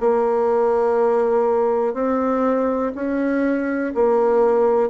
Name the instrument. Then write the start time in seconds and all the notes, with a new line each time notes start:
bassoon
0.00 A#3
1.94 C4
2.95 C#4
3.94 A#3